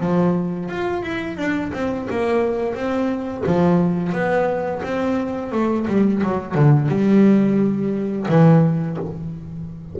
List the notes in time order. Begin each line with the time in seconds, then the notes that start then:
0.00 F3
0.69 F4
1.03 E4
1.37 D4
1.73 C4
2.10 A#3
2.75 C4
3.46 F3
4.13 B3
4.83 C4
5.51 A3
5.87 G3
6.23 F#3
6.55 D3
6.88 G3
8.29 E3